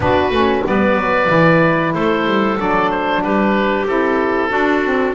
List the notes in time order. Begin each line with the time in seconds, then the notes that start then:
0.00 B3 D4 F#4 B4
0.30 A3 C#4
0.65 G3 B3 B4 D5
0.96 F#3
1.27 E3 E4
1.92 A3 A4 C5
2.25 G3
2.57 F#3 D4 D5
2.90 C5
3.21 G3 G4 B4
3.86 C4 E4 A4
4.49 D4 F#4
4.84 C4